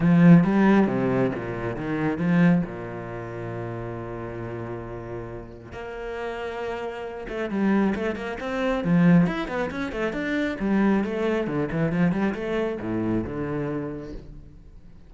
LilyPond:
\new Staff \with { instrumentName = "cello" } { \time 4/4 \tempo 4 = 136 f4 g4 c4 ais,4 | dis4 f4 ais,2~ | ais,1~ | ais,4 ais2.~ |
ais8 a8 g4 a8 ais8 c'4 | f4 e'8 b8 cis'8 a8 d'4 | g4 a4 d8 e8 f8 g8 | a4 a,4 d2 | }